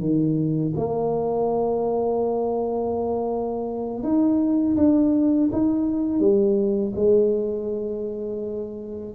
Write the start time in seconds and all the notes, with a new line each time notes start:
0.00 D#3
0.76 A#3
4.03 D#4
4.77 D4
5.52 D#4
6.20 G3
6.95 G#3